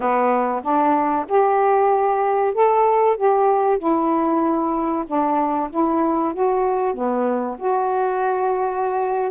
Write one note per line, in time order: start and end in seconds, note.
0.00 0.61 B3
0.63 1.26 D4
1.28 2.53 G4
2.53 3.16 A4
3.16 3.78 G4
3.78 5.04 E4
5.07 5.70 D4
5.70 6.33 E4
6.33 6.93 F#4
6.93 7.56 B3
7.58 9.30 F#4